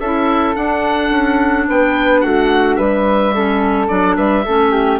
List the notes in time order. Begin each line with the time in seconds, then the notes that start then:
0.00 C#4 E4 A4 E5
0.55 D4 F#5
1.11 C#4
1.69 B3 B4 G5
2.21 A3 F#4 F#5
2.76 G3 B4 E5
3.35 C#4 A4
3.88 F#3 D4 D5
4.16 G3 B4 E5
4.45 A3 C#4 A4
4.72 G4